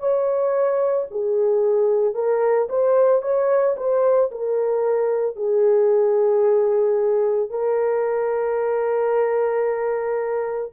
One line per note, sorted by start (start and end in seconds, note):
0.00 1.07 C#5
1.12 2.15 G#4
2.15 2.69 A#4
2.70 3.22 C5
3.22 3.76 C#5
3.77 4.31 C5
4.31 5.37 A#4
5.37 7.50 G#4
7.50 10.72 A#4